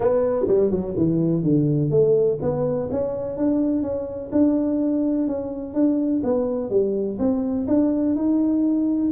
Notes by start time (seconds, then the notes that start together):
0.00 B3
0.47 G3
0.70 F#3
0.96 E3
1.42 D3
1.90 A3
2.41 B3
2.91 C#4
3.37 D4
3.82 C#4
4.32 D4
5.27 C#4
5.74 D4
6.23 B3
6.70 G3
7.18 C4
7.67 D4
8.15 D#4